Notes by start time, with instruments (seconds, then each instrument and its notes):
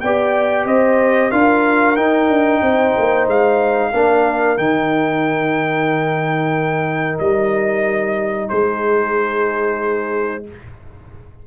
0.00 tuba B3, trombone G4, horn D5, trumpet G5
0.65 tuba C4, horn C5, trumpet D#5
1.31 tuba D4, trombone F4, horn A#4, trumpet F5
1.96 tuba D#4, trombone D#4, trumpet G5
2.29 tuba D4
2.61 tuba C4, horn C5
2.98 tuba A#3
3.27 tuba G#3, trumpet F5
3.91 tuba A#3, trombone D4, horn A#4
4.57 tuba D#3, trombone D#4, trumpet G5
7.18 tuba G3, trumpet D#5
8.49 tuba G#3, horn G#4, trumpet C5